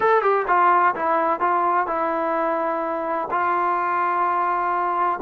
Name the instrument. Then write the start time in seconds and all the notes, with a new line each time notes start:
trombone
0.00 A4
0.22 G4
0.47 F4
0.95 E4
1.40 F4
1.86 E4
3.30 F4